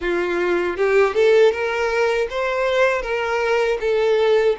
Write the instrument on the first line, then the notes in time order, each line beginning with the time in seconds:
violin
0.00 F4
0.77 G4
1.14 A4
1.52 A#4
2.30 C5
3.02 A#4
3.80 A4